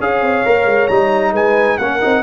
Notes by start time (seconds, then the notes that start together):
0.00 C#4 G#4 C#5 F5
0.21 C4
0.45 A#3 A#4
0.65 G#3
0.88 G3 D#4 A#5
1.33 G#3 B4 G#5
1.78 A#3 C#4 A#4 F#5
2.01 C4 D#4